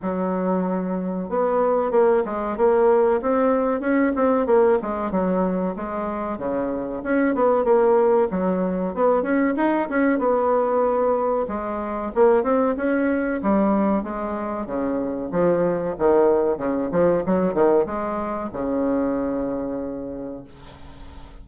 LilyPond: \new Staff \with { instrumentName = "bassoon" } { \time 4/4 \tempo 4 = 94 fis2 b4 ais8 gis8 | ais4 c'4 cis'8 c'8 ais8 gis8 | fis4 gis4 cis4 cis'8 b8 | ais4 fis4 b8 cis'8 dis'8 cis'8 |
b2 gis4 ais8 c'8 | cis'4 g4 gis4 cis4 | f4 dis4 cis8 f8 fis8 dis8 | gis4 cis2. | }